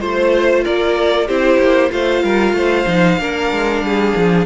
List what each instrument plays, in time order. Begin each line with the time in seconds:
0.00 cello A3, viola F4, violin C5
0.64 cello A#3, violin A#4 D5
1.27 cello C4, viola E4, violin G4 C5
1.59 cello A#3
1.91 cello A3, viola F4, violin C5 F5
2.24 cello G3, violin A#4
2.53 cello A3, violin C5
2.87 cello F3, viola D#4
3.19 cello A#3, viola D4, violin A#4
3.52 cello G#3
3.82 cello G3, violin G#4
4.17 cello F3